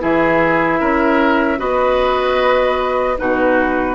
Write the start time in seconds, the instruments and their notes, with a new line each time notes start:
0.00 bassoon E3, clarinet E4, oboe G#4, flute E5
0.80 bassoon C#4, oboe A#4
1.58 bassoon B3, clarinet F#4, oboe B4, flute D#5
3.19 bassoon B2, clarinet D#4, oboe F#4, flute B4